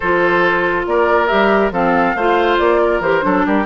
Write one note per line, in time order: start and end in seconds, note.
0.00 0.86 F3
0.00 1.28 F4
0.00 0.86 A4
0.00 0.83 C5
0.86 1.29 A#3
0.86 1.73 A#4
0.86 1.27 D5
1.27 1.71 G3
1.27 1.71 G4
1.27 1.70 E5
1.71 2.14 F3
1.71 2.16 C4
1.71 2.16 A4
1.71 2.58 F5
2.15 2.58 A3
2.15 3.03 F4
2.15 2.80 C5
2.58 3.00 A#3
2.58 3.01 D5
2.83 3.25 A#4
3.00 3.22 E3
3.00 3.21 G4
3.00 3.45 C5
3.21 3.46 F#3
3.21 3.64 D4
3.21 3.46 A4
3.45 3.66 G3
3.45 3.66 G4
3.45 3.66 A#4